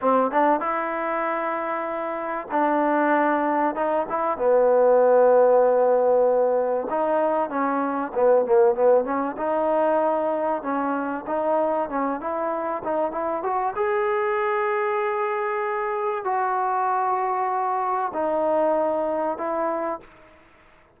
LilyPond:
\new Staff \with { instrumentName = "trombone" } { \time 4/4 \tempo 4 = 96 c'8 d'8 e'2. | d'2 dis'8 e'8 b4~ | b2. dis'4 | cis'4 b8 ais8 b8 cis'8 dis'4~ |
dis'4 cis'4 dis'4 cis'8 e'8~ | e'8 dis'8 e'8 fis'8 gis'2~ | gis'2 fis'2~ | fis'4 dis'2 e'4 | }